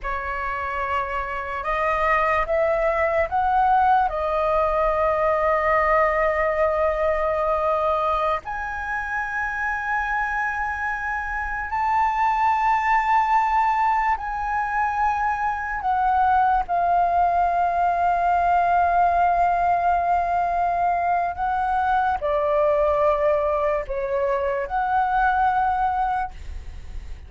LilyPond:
\new Staff \with { instrumentName = "flute" } { \time 4/4 \tempo 4 = 73 cis''2 dis''4 e''4 | fis''4 dis''2.~ | dis''2~ dis''16 gis''4.~ gis''16~ | gis''2~ gis''16 a''4.~ a''16~ |
a''4~ a''16 gis''2 fis''8.~ | fis''16 f''2.~ f''8.~ | f''2 fis''4 d''4~ | d''4 cis''4 fis''2 | }